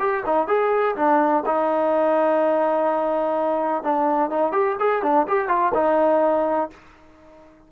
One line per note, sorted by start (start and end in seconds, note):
0.00 0.24 G4
0.26 0.48 D#4
0.48 0.96 G#4
0.96 1.44 D4
1.46 3.84 D#4
3.84 4.31 D4
4.31 4.52 D#4
4.52 4.76 G4
4.80 5.03 G#4
5.03 5.27 D4
5.28 5.48 G4
5.48 5.72 F4
5.75 6.71 D#4